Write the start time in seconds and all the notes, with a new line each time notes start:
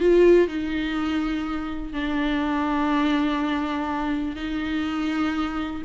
0.00 F4
0.48 D#4
1.93 D4
4.36 D#4